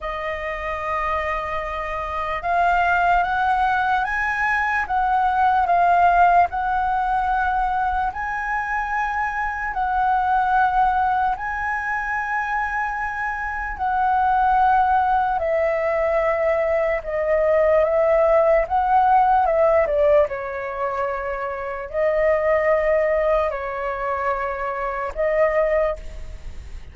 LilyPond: \new Staff \with { instrumentName = "flute" } { \time 4/4 \tempo 4 = 74 dis''2. f''4 | fis''4 gis''4 fis''4 f''4 | fis''2 gis''2 | fis''2 gis''2~ |
gis''4 fis''2 e''4~ | e''4 dis''4 e''4 fis''4 | e''8 d''8 cis''2 dis''4~ | dis''4 cis''2 dis''4 | }